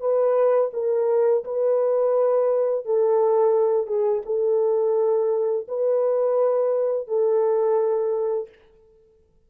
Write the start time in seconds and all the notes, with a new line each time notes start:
0.00 B4
0.73 A#4
1.44 B4
2.85 A4
3.87 G#4
4.25 A4
5.68 B4
7.07 A4